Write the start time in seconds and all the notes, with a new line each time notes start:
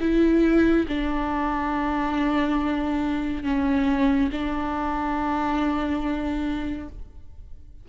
0.00 E4
0.88 D4
3.43 C#4
4.31 D4